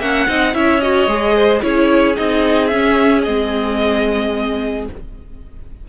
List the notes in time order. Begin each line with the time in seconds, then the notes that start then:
0.00 A#3 C#4 E5 F#5
0.27 C4 D#4 D#5
0.53 C#4 E4 C#5 E5
0.81 F#4 D#5
1.07 G#3 G#4
1.36 C5
1.62 C#4 E4 G#4 C#5
2.16 C4 D#4 D#5
2.68 C#4 E5
3.23 G#3 C4 D#5